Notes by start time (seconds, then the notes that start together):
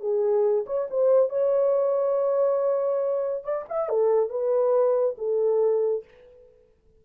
0.00 G#4
0.66 C#5
0.90 C5
1.29 C#5
3.43 D5
3.68 E5
3.89 A4
4.29 B4
5.17 A4